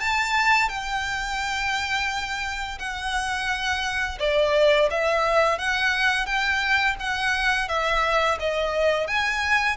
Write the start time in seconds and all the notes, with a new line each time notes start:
0.00 A5
0.69 G5
2.78 F#5
4.19 D5
4.90 E5
5.58 F#5
6.26 G5
7.00 F#5
7.68 E5
8.39 D#5
9.07 G#5